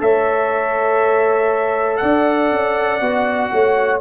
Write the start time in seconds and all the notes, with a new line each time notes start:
0.00 A3 A4 C#5 E5
1.97 D4 D5 F#5
2.51 C#4
3.01 B3 F#4
3.52 A3 C#5